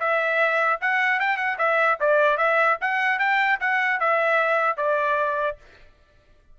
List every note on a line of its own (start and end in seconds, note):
0.00 0.80 E5
0.81 1.20 F#5
1.20 1.37 G5
1.37 1.57 F#5
1.58 1.98 E5
2.00 2.37 D5
2.37 2.77 E5
2.81 3.19 F#5
3.19 3.59 G5
3.60 4.00 F#5
4.00 4.77 E5
4.77 5.57 D5